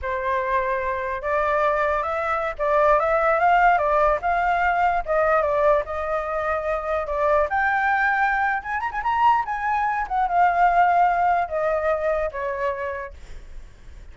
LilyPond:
\new Staff \with { instrumentName = "flute" } { \time 4/4 \tempo 4 = 146 c''2. d''4~ | d''4 e''4~ e''16 d''4 e''8.~ | e''16 f''4 d''4 f''4.~ f''16~ | f''16 dis''4 d''4 dis''4.~ dis''16~ |
dis''4~ dis''16 d''4 g''4.~ g''16~ | g''4 gis''8 ais''16 gis''16 ais''4 gis''4~ | gis''8 fis''8 f''2. | dis''2 cis''2 | }